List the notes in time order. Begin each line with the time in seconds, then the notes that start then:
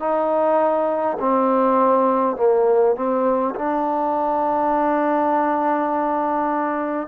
0.00 D#4
1.20 C4
2.37 A#3
2.96 C4
3.56 D4